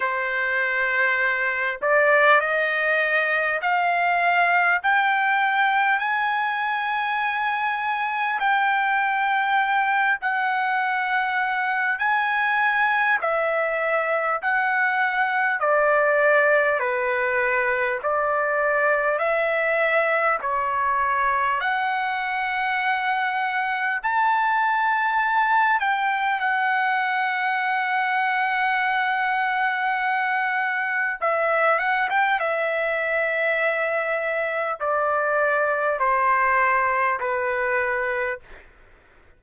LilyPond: \new Staff \with { instrumentName = "trumpet" } { \time 4/4 \tempo 4 = 50 c''4. d''8 dis''4 f''4 | g''4 gis''2 g''4~ | g''8 fis''4. gis''4 e''4 | fis''4 d''4 b'4 d''4 |
e''4 cis''4 fis''2 | a''4. g''8 fis''2~ | fis''2 e''8 fis''16 g''16 e''4~ | e''4 d''4 c''4 b'4 | }